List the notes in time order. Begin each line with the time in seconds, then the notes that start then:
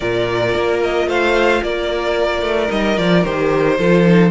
0.00 A#2 F4 A#4 D5
0.54 A#3
0.82 D#5
1.07 A3 C5 F5
1.63 A#3 A#4 D5
2.42 A3
2.67 G3 D#4 D#5
2.97 F3 F4 D5
3.24 D#3 G4 C5
3.77 F3 F4 A4
4.06 D#4